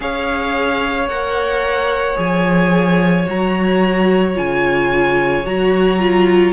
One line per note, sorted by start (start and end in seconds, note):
0.00 1.07 C#4
0.00 1.09 G#4
0.00 6.52 C#5
0.00 1.08 F5
1.07 2.16 A#3
1.07 2.15 A#4
1.07 2.17 F#5
2.15 3.27 F3
2.15 3.24 G#4
2.15 3.28 G#5
3.26 4.37 F#3
3.26 4.34 F#4
3.26 4.37 A#5
4.34 5.45 C#3
4.34 5.43 F4
4.34 5.45 G#5
5.45 6.52 F#3
5.45 5.98 F#4
5.45 6.52 A#5
5.98 6.52 F4